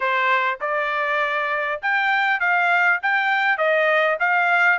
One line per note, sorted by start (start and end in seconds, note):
0.00 0.58 C5
0.61 1.81 D5
1.82 2.40 G5
2.40 3.00 F5
3.02 3.57 G5
3.57 4.17 D#5
4.19 4.78 F5